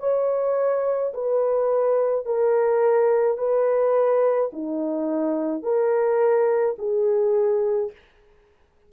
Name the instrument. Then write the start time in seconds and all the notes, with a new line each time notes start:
horn
0.00 C#5
1.14 B4
2.26 A#4
3.38 B4
4.53 D#4
5.63 A#4
6.79 G#4